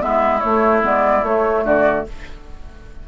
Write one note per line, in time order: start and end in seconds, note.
0.00 0.42 G#3
0.00 0.41 B3
0.00 1.65 E4
0.00 0.41 E5
0.41 0.83 A3
0.41 0.81 C#5
0.83 1.23 G#3
0.83 1.23 B3
0.83 1.25 D5
1.23 1.64 A3
1.23 2.08 A3
1.23 1.65 C#5
1.64 2.04 D3
1.64 2.05 F#4
1.64 2.07 D5